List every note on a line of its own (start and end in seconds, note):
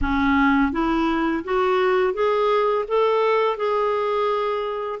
0.01 0.72 C#4
0.72 1.43 E4
1.44 2.13 F#4
2.13 2.85 G#4
2.87 3.56 A4
3.56 4.99 G#4